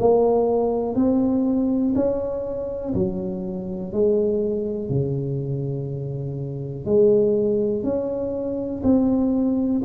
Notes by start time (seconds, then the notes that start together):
0.00 A#3
0.96 C4
1.96 C#4
2.95 F#3
3.93 G#3
4.90 C#3
6.86 G#3
7.84 C#4
8.84 C4